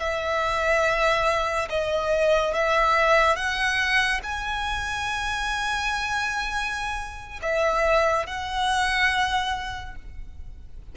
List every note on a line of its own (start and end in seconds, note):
0.00 1.69 E5
1.70 2.54 D#5
2.54 3.36 E5
3.36 4.21 F#5
4.23 7.40 G#5
7.42 8.27 E5
8.27 9.96 F#5